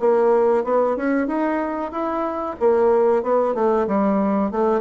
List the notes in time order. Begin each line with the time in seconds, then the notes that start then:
0.00 A#3
0.64 B3
0.96 C#4
1.27 D#4
1.92 E4
2.60 A#3
3.23 B3
3.55 A3
3.87 G3
4.51 A3